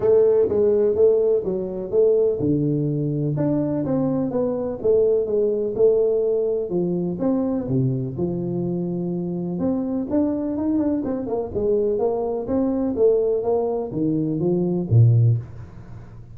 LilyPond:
\new Staff \with { instrumentName = "tuba" } { \time 4/4 \tempo 4 = 125 a4 gis4 a4 fis4 | a4 d2 d'4 | c'4 b4 a4 gis4 | a2 f4 c'4 |
c4 f2. | c'4 d'4 dis'8 d'8 c'8 ais8 | gis4 ais4 c'4 a4 | ais4 dis4 f4 ais,4 | }